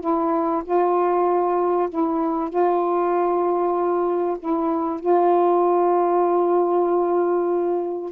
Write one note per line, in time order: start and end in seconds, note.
0.00 0.62 E4
0.64 1.89 F4
1.89 2.49 E4
2.49 4.37 F4
4.39 4.99 E4
4.99 8.12 F4